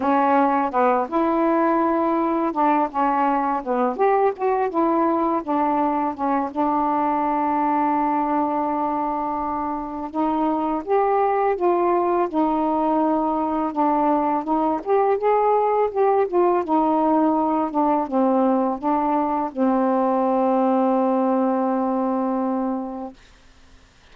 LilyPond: \new Staff \with { instrumentName = "saxophone" } { \time 4/4 \tempo 4 = 83 cis'4 b8 e'2 d'8 | cis'4 b8 g'8 fis'8 e'4 d'8~ | d'8 cis'8 d'2.~ | d'2 dis'4 g'4 |
f'4 dis'2 d'4 | dis'8 g'8 gis'4 g'8 f'8 dis'4~ | dis'8 d'8 c'4 d'4 c'4~ | c'1 | }